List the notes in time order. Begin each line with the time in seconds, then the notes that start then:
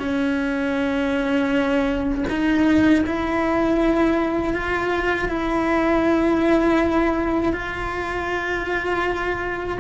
0.00 C#4
2.30 D#4
3.07 E4
4.54 F4
5.29 E4
7.53 F4